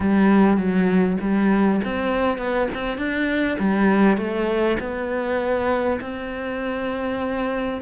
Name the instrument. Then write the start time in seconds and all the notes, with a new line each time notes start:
cello
0.00 G3
0.57 F#3
1.20 G3
1.84 C4
2.38 B3
2.74 C4
2.97 D4
3.59 G3
4.17 A3
4.79 B3
6.00 C4